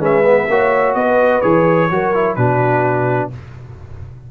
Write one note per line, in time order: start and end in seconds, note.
0.00 0.47 G#3
0.00 0.24 C#4
0.00 0.48 B4
0.00 0.95 E5
0.25 0.49 B3
0.49 0.95 A#3
0.49 1.43 F#4
0.49 0.98 C#5
0.95 1.42 B3
0.95 1.92 B4
0.95 1.42 D#5
1.42 1.91 E3
1.42 1.89 G#4
1.42 2.36 C#5
1.91 2.37 F#3
1.91 2.14 F#4
1.91 2.37 A#4
2.14 2.38 E4
2.36 3.31 B2
2.36 3.32 D4
2.36 3.31 F#4
2.36 3.29 B4